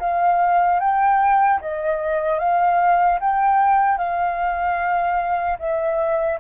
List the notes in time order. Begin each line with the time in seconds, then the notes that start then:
0.00 F5
0.80 G5
1.61 D#5
2.39 F5
3.20 G5
3.98 F5
5.59 E5